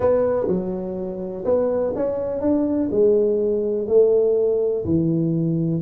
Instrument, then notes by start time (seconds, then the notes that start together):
tuba
0.00 B3
0.47 F#3
1.44 B3
1.95 C#4
2.41 D4
2.91 G#3
3.87 A3
4.85 E3